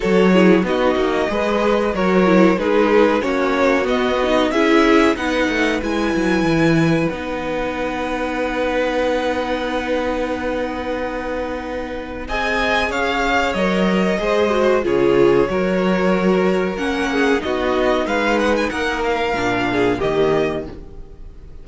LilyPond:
<<
  \new Staff \with { instrumentName = "violin" } { \time 4/4 \tempo 4 = 93 cis''4 dis''2 cis''4 | b'4 cis''4 dis''4 e''4 | fis''4 gis''2 fis''4~ | fis''1~ |
fis''2. gis''4 | f''4 dis''2 cis''4~ | cis''2 fis''4 dis''4 | f''8 fis''16 gis''16 fis''8 f''4. dis''4 | }
  \new Staff \with { instrumentName = "violin" } { \time 4/4 a'8 gis'8 fis'4 b'4 ais'4 | gis'4 fis'2 gis'4 | b'1~ | b'1~ |
b'2. dis''4 | cis''2 c''4 gis'4 | ais'2~ ais'8 gis'8 fis'4 | b'4 ais'4. gis'8 g'4 | }
  \new Staff \with { instrumentName = "viola" } { \time 4/4 fis'8 e'8 dis'4 gis'4 fis'8 e'8 | dis'4 cis'4 b8 dis'8 e'4 | dis'4 e'2 dis'4~ | dis'1~ |
dis'2. gis'4~ | gis'4 ais'4 gis'8 fis'8 f'4 | fis'2 cis'4 dis'4~ | dis'2 d'4 ais4 | }
  \new Staff \with { instrumentName = "cello" } { \time 4/4 fis4 b8 ais8 gis4 fis4 | gis4 ais4 b4 cis'4 | b8 a8 gis8 fis8 e4 b4~ | b1~ |
b2. c'4 | cis'4 fis4 gis4 cis4 | fis2 ais4 b4 | gis4 ais4 ais,4 dis4 | }
>>